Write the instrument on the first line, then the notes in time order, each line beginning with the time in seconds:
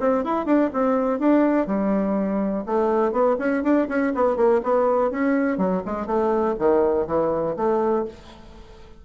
bassoon
0.00 C4
0.24 E4
0.45 D4
0.73 C4
1.19 D4
1.67 G3
2.66 A3
3.12 B3
3.39 C#4
3.63 D4
3.88 C#4
4.15 B3
4.36 A#3
4.63 B3
5.11 C#4
5.57 F#3
5.85 G#3
6.06 A3
6.59 D#3
7.07 E3
7.56 A3